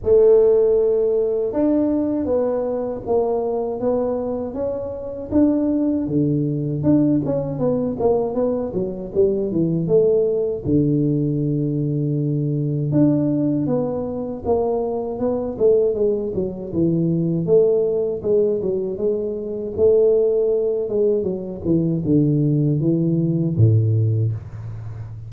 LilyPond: \new Staff \with { instrumentName = "tuba" } { \time 4/4 \tempo 4 = 79 a2 d'4 b4 | ais4 b4 cis'4 d'4 | d4 d'8 cis'8 b8 ais8 b8 fis8 | g8 e8 a4 d2~ |
d4 d'4 b4 ais4 | b8 a8 gis8 fis8 e4 a4 | gis8 fis8 gis4 a4. gis8 | fis8 e8 d4 e4 a,4 | }